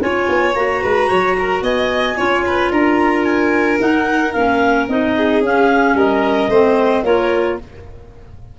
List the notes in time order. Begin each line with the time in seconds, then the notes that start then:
0.00 C#4 F4 C#5 G#5
0.29 B3
0.55 A#3 F#4 A#5
0.83 G#3 B4
1.09 F#3 C#5
1.39 A#4
1.62 B3 D#5 G#5
2.17 C#4 F4 C#5
2.47 B4
2.71 D4 A#4 A#5
3.25 G#5
3.79 D#4 F#5
4.32 A#3 C#4 F5
4.88 C4 D#4 D#5
5.16 G#4
5.40 C#4 F5
5.94 G3 A#4 D#5
6.48 A3 C4 C5
7.03 A#3 F4 A#4 C#5